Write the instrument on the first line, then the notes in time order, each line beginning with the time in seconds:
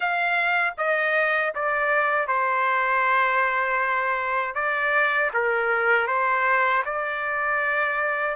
trumpet
0.00 F5
0.77 D#5
1.55 D5
2.27 C5
4.54 D5
5.33 A#4
6.07 C5
6.85 D5